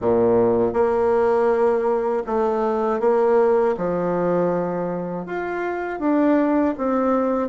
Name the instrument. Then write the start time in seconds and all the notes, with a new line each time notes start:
bassoon
0.01 A#2
0.73 A#3
2.26 A3
3.00 A#3
3.77 F3
5.26 F4
5.99 D4
6.77 C4